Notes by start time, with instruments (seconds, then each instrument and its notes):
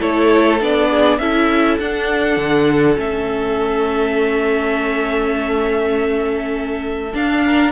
0.00 cello A3, viola E4, violin A4 C#5
0.61 cello B3, viola D4, violin D5
0.90 violin G#4
1.19 cello C#4, viola E4, violin A4 E5
1.80 cello D4, viola D4, violin F#5
2.37 cello D3
2.96 cello A3, viola C#4, violin E5
7.14 viola D4, cello D4, violin F5
7.46 violin A#4